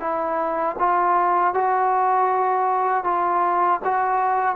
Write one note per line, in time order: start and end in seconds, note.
0.00 0.76 E4
0.79 1.54 F4
1.54 3.04 F#4
3.04 3.80 F4
3.85 4.56 F#4